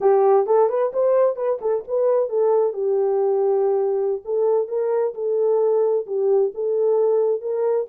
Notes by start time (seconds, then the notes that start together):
0.00 G4
0.46 A4
0.69 B4
0.93 C5
1.36 B4
1.61 A4
1.87 B4
2.29 A4
2.73 G4
4.24 A4
4.68 A#4
5.14 A4
6.06 G4
6.54 A4
7.41 A#4